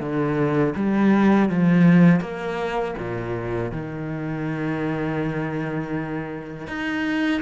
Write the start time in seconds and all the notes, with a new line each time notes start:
0.00 D3
0.75 G3
1.49 F3
2.21 A#3
2.99 A#2
3.72 D#3
6.67 D#4